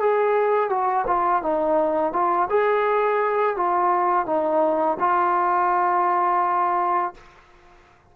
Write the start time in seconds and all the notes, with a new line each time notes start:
0.00 G#4
0.70 F#4
1.07 F4
1.43 D#4
2.13 F4
2.50 G#4
3.56 F4
4.26 D#4
5.00 F4